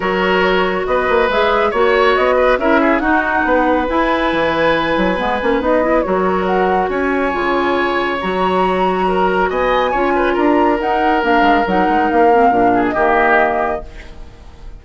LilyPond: <<
  \new Staff \with { instrumentName = "flute" } { \time 4/4 \tempo 4 = 139 cis''2 dis''4 e''4 | cis''4 dis''4 e''4 fis''4~ | fis''4 gis''2.~ | gis''4 dis''4 cis''4 fis''4 |
gis''2. ais''4~ | ais''2 gis''2 | ais''4 fis''4 f''4 fis''4 | f''4.~ f''16 dis''2~ dis''16 | }
  \new Staff \with { instrumentName = "oboe" } { \time 4/4 ais'2 b'2 | cis''4. b'8 ais'8 gis'8 fis'4 | b'1~ | b'2 ais'2 |
cis''1~ | cis''4 ais'4 dis''4 cis''8 b'8 | ais'1~ | ais'4. gis'8 g'2 | }
  \new Staff \with { instrumentName = "clarinet" } { \time 4/4 fis'2. gis'4 | fis'2 e'4 dis'4~ | dis'4 e'2. | b8 cis'8 dis'8 e'8 fis'2~ |
fis'4 f'2 fis'4~ | fis'2. f'4~ | f'4 dis'4 d'4 dis'4~ | dis'8 c'8 d'4 ais2 | }
  \new Staff \with { instrumentName = "bassoon" } { \time 4/4 fis2 b8 ais8 gis4 | ais4 b4 cis'4 dis'4 | b4 e'4 e4. fis8 | gis8 ais8 b4 fis2 |
cis'4 cis2 fis4~ | fis2 b4 cis'4 | d'4 dis'4 ais8 gis8 fis8 gis8 | ais4 ais,4 dis2 | }
>>